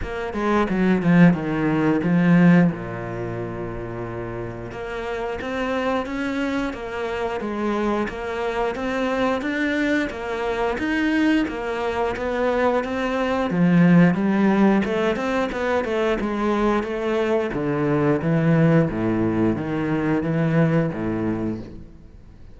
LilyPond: \new Staff \with { instrumentName = "cello" } { \time 4/4 \tempo 4 = 89 ais8 gis8 fis8 f8 dis4 f4 | ais,2. ais4 | c'4 cis'4 ais4 gis4 | ais4 c'4 d'4 ais4 |
dis'4 ais4 b4 c'4 | f4 g4 a8 c'8 b8 a8 | gis4 a4 d4 e4 | a,4 dis4 e4 a,4 | }